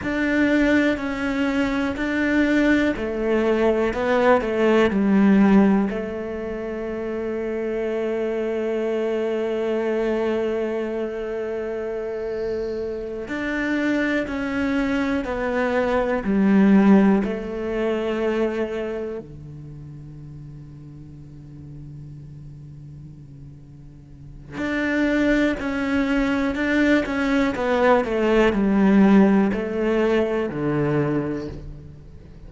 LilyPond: \new Staff \with { instrumentName = "cello" } { \time 4/4 \tempo 4 = 61 d'4 cis'4 d'4 a4 | b8 a8 g4 a2~ | a1~ | a4. d'4 cis'4 b8~ |
b8 g4 a2 d8~ | d1~ | d4 d'4 cis'4 d'8 cis'8 | b8 a8 g4 a4 d4 | }